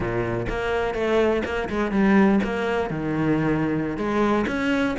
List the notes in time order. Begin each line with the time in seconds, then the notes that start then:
0.00 A#2
0.49 A#3
0.94 A3
1.44 A#3
1.69 G#3
1.91 G3
2.43 A#3
2.90 D#3
3.97 G#3
4.47 C#4